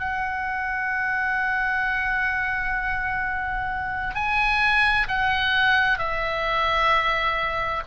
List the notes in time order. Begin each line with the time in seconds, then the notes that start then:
0.00 F#5
4.15 G#5
5.08 F#5
5.98 E5